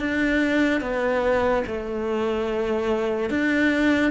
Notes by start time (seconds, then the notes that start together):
0.00 D4
0.81 B3
1.67 A3
3.30 D4